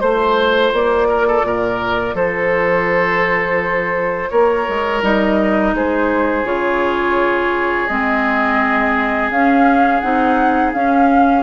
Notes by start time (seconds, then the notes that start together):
0.00 A3 F4 C5
0.72 A#3 D5
1.08 A#4
1.28 A4
1.43 A#2 A#4
2.14 F3 A4 C5
4.29 A#3 A#4 C#5
4.68 G#3
5.02 G3 D#4 D#5
5.73 G#3 G#4 C5
6.44 C#3 F4 C#5
7.87 G#3 C4 D#5
9.30 C#4 F5
10.00 C4 D#4 F#5
10.73 C#4 F5